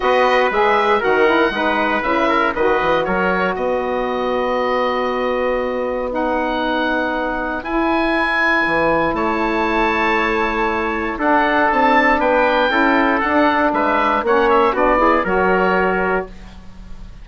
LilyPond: <<
  \new Staff \with { instrumentName = "oboe" } { \time 4/4 \tempo 4 = 118 dis''4 e''4 fis''2 | e''4 dis''4 cis''4 dis''4~ | dis''1 | fis''2. gis''4~ |
gis''2 a''2~ | a''2 fis''4 a''4 | g''2 fis''4 e''4 | fis''8 e''8 d''4 cis''2 | }
  \new Staff \with { instrumentName = "trumpet" } { \time 4/4 b'2 ais'4 b'4~ | b'8 ais'8 b'4 ais'4 b'4~ | b'1~ | b'1~ |
b'2 cis''2~ | cis''2 a'2 | b'4 a'2 b'4 | cis''4 fis'8 gis'8 ais'2 | }
  \new Staff \with { instrumentName = "saxophone" } { \time 4/4 fis'4 gis'4 fis'8 e'8 dis'4 | e'4 fis'2.~ | fis'1 | dis'2. e'4~ |
e'1~ | e'2 d'2~ | d'4 e'4 d'2 | cis'4 d'8 e'8 fis'2 | }
  \new Staff \with { instrumentName = "bassoon" } { \time 4/4 b4 gis4 dis4 gis4 | cis4 dis8 e8 fis4 b4~ | b1~ | b2. e'4~ |
e'4 e4 a2~ | a2 d'4 c'4 | b4 cis'4 d'4 gis4 | ais4 b4 fis2 | }
>>